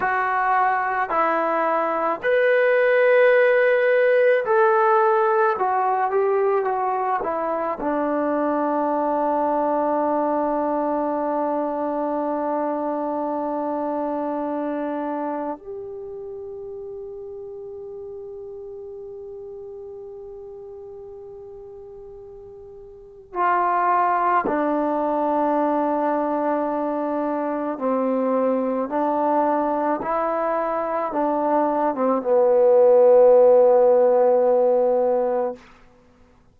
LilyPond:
\new Staff \with { instrumentName = "trombone" } { \time 4/4 \tempo 4 = 54 fis'4 e'4 b'2 | a'4 fis'8 g'8 fis'8 e'8 d'4~ | d'1~ | d'2 g'2~ |
g'1~ | g'4 f'4 d'2~ | d'4 c'4 d'4 e'4 | d'8. c'16 b2. | }